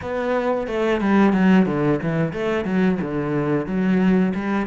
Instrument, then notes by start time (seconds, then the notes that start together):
cello
0.01 B3
0.67 A3
1.00 G3
1.32 F#3
1.66 D3
2.02 E3
2.32 A3
2.65 F#3
3.01 D3
3.66 F#3
4.34 G3